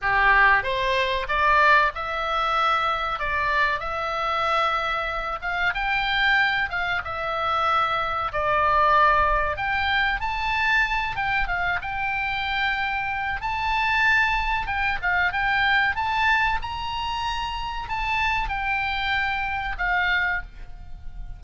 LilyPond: \new Staff \with { instrumentName = "oboe" } { \time 4/4 \tempo 4 = 94 g'4 c''4 d''4 e''4~ | e''4 d''4 e''2~ | e''8 f''8 g''4. f''8 e''4~ | e''4 d''2 g''4 |
a''4. g''8 f''8 g''4.~ | g''4 a''2 g''8 f''8 | g''4 a''4 ais''2 | a''4 g''2 f''4 | }